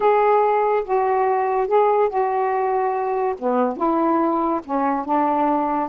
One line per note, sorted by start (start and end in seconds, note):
0.00 0.84 G#4
0.84 1.67 F#4
1.67 2.09 G#4
2.09 3.35 F#4
3.38 3.76 B3
3.76 4.60 E4
4.64 5.05 C#4
5.05 5.89 D4